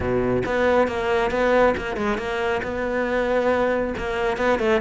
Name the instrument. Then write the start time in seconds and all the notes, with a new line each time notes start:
cello
0.00 B2
0.45 B3
0.87 A#3
1.30 B3
1.77 A#3
1.96 G#3
2.17 A#3
2.62 B3
3.97 A#3
4.37 B3
4.59 A3